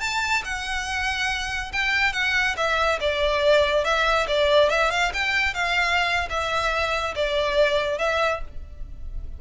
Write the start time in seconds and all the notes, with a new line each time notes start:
0.00 A5
0.44 F#5
1.73 G5
2.13 F#5
2.57 E5
3.01 D5
3.84 E5
4.28 D5
4.70 E5
4.91 F5
5.14 G5
5.54 F5
6.29 E5
7.15 D5
7.99 E5